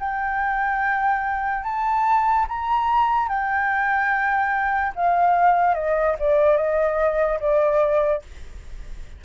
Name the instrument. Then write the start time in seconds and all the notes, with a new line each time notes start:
flute
0.00 G5
1.64 A5
2.49 A#5
3.29 G5
4.96 F5
5.75 D#5
6.20 D5
6.58 D#5
7.40 D5